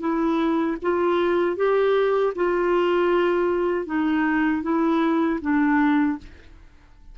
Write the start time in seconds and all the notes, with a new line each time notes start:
0.00 E4
0.82 F4
1.57 G4
2.35 F4
3.86 D#4
4.63 E4
5.41 D4